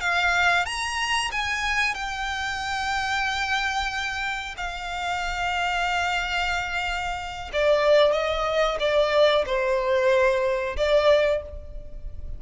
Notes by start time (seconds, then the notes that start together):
0.00 F5
0.65 A#5
1.31 G#5
1.94 G5
4.57 F5
7.52 D5
8.12 D#5
8.79 D5
9.46 C5
10.76 D5